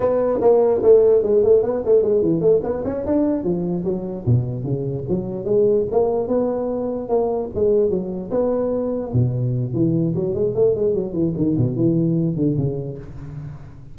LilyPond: \new Staff \with { instrumentName = "tuba" } { \time 4/4 \tempo 4 = 148 b4 ais4 a4 gis8 a8 | b8 a8 gis8 e8 a8 b8 cis'8 d'8~ | d'8 f4 fis4 b,4 cis8~ | cis8 fis4 gis4 ais4 b8~ |
b4. ais4 gis4 fis8~ | fis8 b2 b,4. | e4 fis8 gis8 a8 gis8 fis8 e8 | dis8 b,8 e4. d8 cis4 | }